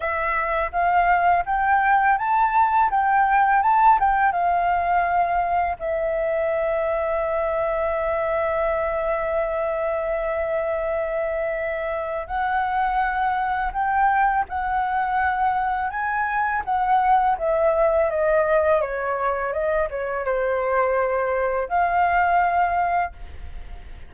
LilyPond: \new Staff \with { instrumentName = "flute" } { \time 4/4 \tempo 4 = 83 e''4 f''4 g''4 a''4 | g''4 a''8 g''8 f''2 | e''1~ | e''1~ |
e''4 fis''2 g''4 | fis''2 gis''4 fis''4 | e''4 dis''4 cis''4 dis''8 cis''8 | c''2 f''2 | }